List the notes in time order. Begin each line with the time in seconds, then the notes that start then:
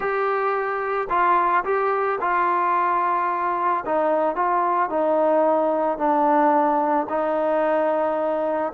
0.00 G4
1.09 F4
1.64 G4
2.20 F4
3.85 D#4
4.35 F4
4.89 D#4
5.98 D4
7.09 D#4